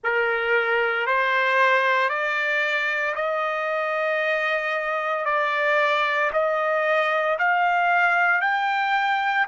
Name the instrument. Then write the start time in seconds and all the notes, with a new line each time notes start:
trumpet
0.03 A#4
1.06 C5
2.09 D5
3.15 D#5
5.25 D5
6.32 D#5
7.38 F5
8.41 G5